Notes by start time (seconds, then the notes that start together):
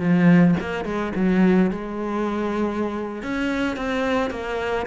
0.00 F3
0.61 A#3
0.85 G#3
1.16 F#3
1.71 G#3
3.23 C#4
3.77 C4
4.31 A#3